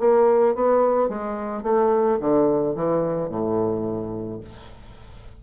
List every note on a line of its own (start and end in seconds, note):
0.00 0.55 A#3
0.55 1.09 B3
1.09 1.63 G#3
1.63 2.19 A3
2.21 2.76 D3
2.76 3.30 E3
3.30 4.41 A2